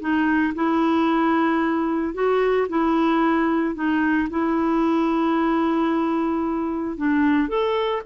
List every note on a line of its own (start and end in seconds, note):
0.00 0.54 D#4
0.55 2.14 E4
2.14 2.68 F#4
2.69 3.75 E4
3.75 4.29 D#4
4.30 6.97 E4
6.97 7.48 D4
7.48 8.02 A4